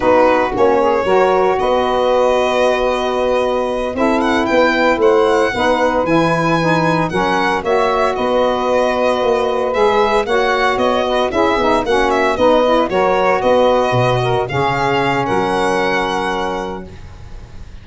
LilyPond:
<<
  \new Staff \with { instrumentName = "violin" } { \time 4/4 \tempo 4 = 114 b'4 cis''2 dis''4~ | dis''2.~ dis''8 e''8 | fis''8 g''4 fis''2 gis''8~ | gis''4. fis''4 e''4 dis''8~ |
dis''2~ dis''8 e''4 fis''8~ | fis''8 dis''4 e''4 fis''8 e''8 dis''8~ | dis''8 cis''4 dis''2 f''8~ | f''4 fis''2. | }
  \new Staff \with { instrumentName = "saxophone" } { \time 4/4 fis'4. gis'8 ais'4 b'4~ | b'2.~ b'8 a'8~ | a'8 b'4 c''4 b'4.~ | b'4. ais'4 cis''4 b'8~ |
b'2.~ b'8 cis''8~ | cis''4 b'8 gis'4 fis'4 b'8~ | b'8 ais'4 b'4. ais'8 gis'8~ | gis'4 ais'2. | }
  \new Staff \with { instrumentName = "saxophone" } { \time 4/4 dis'4 cis'4 fis'2~ | fis'2.~ fis'8 e'8~ | e'2~ e'8 dis'4 e'8~ | e'8 dis'4 cis'4 fis'4.~ |
fis'2~ fis'8 gis'4 fis'8~ | fis'4. e'8 dis'8 cis'4 dis'8 | e'8 fis'2. cis'8~ | cis'1 | }
  \new Staff \with { instrumentName = "tuba" } { \time 4/4 b4 ais4 fis4 b4~ | b2.~ b8 c'8~ | c'8 b4 a4 b4 e8~ | e4. fis4 ais4 b8~ |
b4. ais4 gis4 ais8~ | ais8 b4 cis'8 b8 ais4 b8~ | b8 fis4 b4 b,4 cis8~ | cis4 fis2. | }
>>